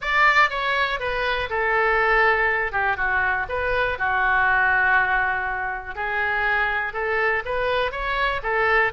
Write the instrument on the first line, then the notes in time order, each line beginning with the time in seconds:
oboe
0.01 D5
0.50 C#5
0.99 B4
1.49 A4
2.72 G4
2.96 F#4
3.48 B4
3.98 F#4
5.95 G#4
6.93 A4
7.45 B4
7.91 C#5
8.42 A4